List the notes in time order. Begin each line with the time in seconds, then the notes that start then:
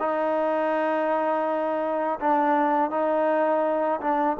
0.00 D#4
2.20 D4
2.91 D#4
4.00 D4